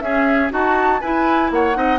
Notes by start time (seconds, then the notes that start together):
0.00 C#4 G#4 E5
0.50 D#4 F#4 A5
1.01 E4 B4 G#5
1.51 A#3 C#5 F#5
1.74 C4 D#4 D#5